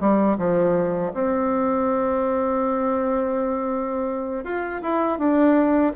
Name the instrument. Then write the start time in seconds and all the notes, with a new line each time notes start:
bassoon
0.00 G3
0.38 F3
1.14 C4
4.44 F4
4.82 E4
5.18 D4